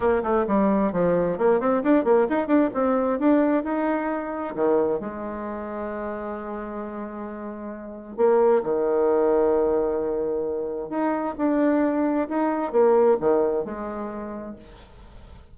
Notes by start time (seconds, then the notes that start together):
0.00 A#3
0.23 A3
0.47 G3
0.92 F3
1.38 A#3
1.60 C4
1.83 D4
2.04 A#3
2.29 D#4
2.47 D4
2.74 C4
3.19 D4
3.63 D#4
4.55 D#3
5.00 G#3
8.16 A#3
8.63 D#3
10.89 D#4
11.37 D4
12.28 D#4
12.71 A#3
13.20 D#3
13.64 G#3